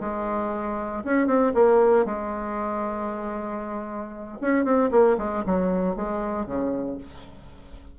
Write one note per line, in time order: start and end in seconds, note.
0.00 1.03 G#3
1.04 1.27 C#4
1.27 1.53 C4
1.54 2.05 A#3
2.05 4.38 G#3
4.41 4.64 C#4
4.64 4.90 C4
4.91 5.17 A#3
5.18 5.44 G#3
5.46 5.96 F#3
5.96 6.46 G#3
6.46 6.97 C#3